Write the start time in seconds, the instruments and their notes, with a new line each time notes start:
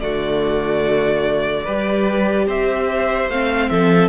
0.00 cello D3, viola A3, violin F#4 D5
1.64 cello G3, viola G4, violin B4
2.47 cello C4, violin C5 E5
3.28 cello A3, viola C4, violin F5
3.69 cello F3, violin A4 E5